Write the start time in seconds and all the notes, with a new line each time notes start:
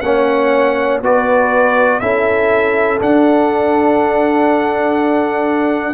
0.00 A#3 C#4 C#5 F#5
1.01 B3 F#4 B4 D5
1.99 C#4 E4 A4 E5
2.98 D4 F#5